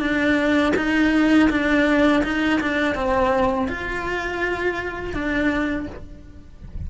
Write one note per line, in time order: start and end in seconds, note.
0.00 0.73 D4
0.76 1.50 D#4
1.50 2.23 D4
2.24 2.60 D#4
2.61 2.95 D4
2.95 3.68 C4
3.68 5.14 F4
5.14 5.87 D4